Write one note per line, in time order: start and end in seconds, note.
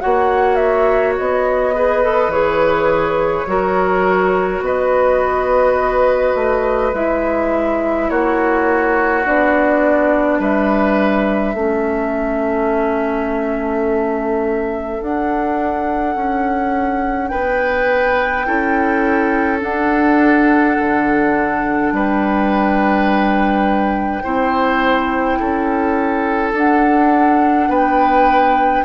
0.00 1.19 A#3
0.00 1.73 F#4
0.00 1.74 C#5
0.00 0.55 F#5
0.55 1.12 E5
1.18 2.27 B3
1.18 2.31 D#5
1.74 2.02 G#4
1.74 3.47 B4
2.02 2.31 A4
2.27 3.43 E3
2.27 3.47 G#4
2.27 4.62 C#5
3.47 4.60 F#3
3.47 6.93 F#4
3.47 4.63 A#4
4.60 6.33 B3
4.60 8.10 B4
4.60 6.94 D#5
6.34 6.92 A3
6.93 8.09 G#3
6.93 9.24 E4
6.93 8.09 E5
8.09 9.25 A#3
8.09 10.38 F#4
8.09 9.25 C#5
9.24 10.39 B3
9.24 11.55 D4
9.24 10.41 D5
10.38 11.54 G3
10.38 11.54 B4
10.38 15.03 E5
11.54 15.00 A3
11.54 15.02 C#4
11.54 17.30 A4
15.01 16.15 D4
15.01 18.45 D4
15.01 17.28 F#5
16.15 17.30 C#4
17.28 18.47 B3
17.28 18.45 B4
17.28 19.58 G5
18.45 19.62 C#4
18.45 19.59 E4
18.45 21.93 A4
19.59 24.20 D4
19.59 20.77 D4
19.59 21.91 F#5
20.79 21.92 D3
21.91 24.22 G3
21.91 24.23 B4
21.91 26.53 G5
24.23 25.40 C4
24.23 26.54 E4
24.23 25.38 C5
25.39 26.53 C#4
25.39 27.69 A4
26.53 27.68 D4
26.53 28.84 D4
26.53 27.71 F#5
27.68 28.83 B3
27.68 28.84 B4
27.68 28.84 G5